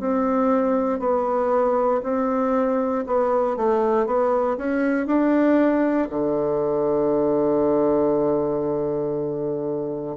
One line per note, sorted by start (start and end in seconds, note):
0.00 0.99 C4
0.99 2.01 B3
2.03 3.05 C4
3.07 3.57 B3
3.57 4.06 A3
4.06 4.57 B3
4.58 5.07 C#4
5.07 6.08 D4
6.10 10.17 D3